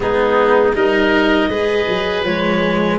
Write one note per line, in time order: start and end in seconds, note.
0.00 0.74 G#3
0.00 0.72 B3
0.00 0.75 D#4
0.00 0.73 G#4
0.73 1.48 G3
0.73 1.50 D#4
0.73 1.49 A#4
0.73 2.23 D#5
1.48 1.86 G#3
1.48 2.25 G#4
1.48 2.99 B4
1.89 2.23 F#3
2.23 2.98 F3
2.23 2.99 G#3
2.23 2.99 C#5